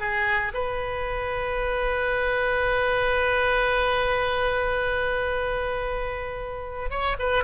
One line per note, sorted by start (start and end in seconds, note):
0.00 0.53 G#4
0.54 6.91 B4
6.91 7.17 C#5
7.19 7.44 B4